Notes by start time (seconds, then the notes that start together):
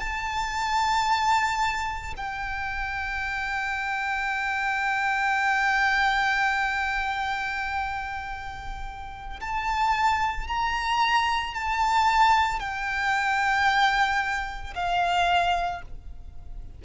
0.00 A5
2.17 G5
9.41 A5
10.48 A#5
11.55 A5
12.60 G5
14.75 F5